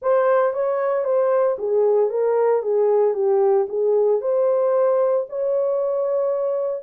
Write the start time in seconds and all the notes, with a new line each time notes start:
0.01 C5
0.53 C#5
1.04 C5
1.58 G#4
2.09 A#4
2.62 G#4
3.14 G4
3.68 G#4
4.21 C5
5.29 C#5